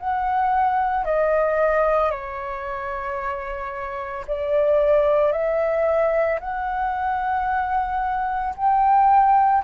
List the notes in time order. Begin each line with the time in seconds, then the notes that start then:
0.00 F#5
1.05 D#5
2.11 C#5
4.28 D5
5.32 E5
6.40 F#5
8.57 G5